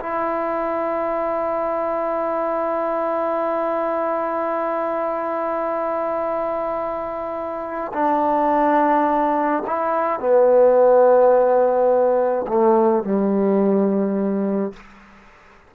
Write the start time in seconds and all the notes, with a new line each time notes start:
0.00 E4
7.93 D4
9.67 E4
10.20 B3
12.48 A3
13.03 G3